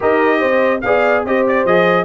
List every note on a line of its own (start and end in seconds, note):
0.00 0.42 D#4
0.00 0.79 G4
0.00 0.39 A#4
0.00 0.81 D#5
0.39 0.84 C4
0.39 0.80 C5
0.81 1.24 B3
0.81 1.27 G#4
0.81 1.26 D5
0.81 1.22 F5
1.24 1.64 C4
1.24 1.67 G4
1.24 2.04 C5
1.24 1.46 D#5
1.47 1.66 D5
1.64 2.04 F3
1.64 2.04 G#4
1.64 2.04 D#5